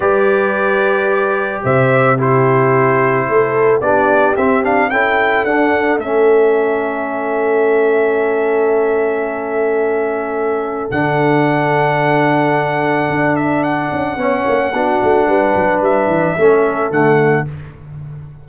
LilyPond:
<<
  \new Staff \with { instrumentName = "trumpet" } { \time 4/4 \tempo 4 = 110 d''2. e''4 | c''2. d''4 | e''8 f''8 g''4 fis''4 e''4~ | e''1~ |
e''1 | fis''1~ | fis''8 e''8 fis''2.~ | fis''4 e''2 fis''4 | }
  \new Staff \with { instrumentName = "horn" } { \time 4/4 b'2. c''4 | g'2 a'4 g'4~ | g'4 a'2.~ | a'1~ |
a'1~ | a'1~ | a'2 cis''4 fis'4 | b'2 a'2 | }
  \new Staff \with { instrumentName = "trombone" } { \time 4/4 g'1 | e'2. d'4 | c'8 d'8 e'4 d'4 cis'4~ | cis'1~ |
cis'1 | d'1~ | d'2 cis'4 d'4~ | d'2 cis'4 a4 | }
  \new Staff \with { instrumentName = "tuba" } { \time 4/4 g2. c4~ | c2 a4 b4 | c'4 cis'4 d'4 a4~ | a1~ |
a1 | d1 | d'4. cis'8 b8 ais8 b8 a8 | g8 fis8 g8 e8 a4 d4 | }
>>